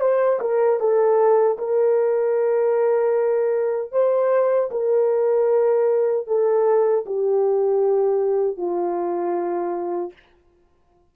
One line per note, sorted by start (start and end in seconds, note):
0.00 0.39 C5
0.41 0.80 A#4
0.80 1.58 A4
1.58 3.91 A#4
3.91 4.69 C5
4.71 6.27 A#4
6.27 7.05 A4
7.06 8.57 G4
8.57 10.13 F4